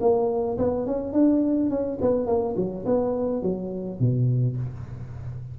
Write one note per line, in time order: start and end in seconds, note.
0.00 0.57 A#3
0.58 0.86 B3
0.86 1.12 C#4
1.12 1.70 D4
1.70 1.98 C#4
2.01 2.26 B3
2.26 2.55 A#3
2.56 2.85 F#3
2.85 3.42 B3
3.42 3.99 F#3
3.99 4.57 B2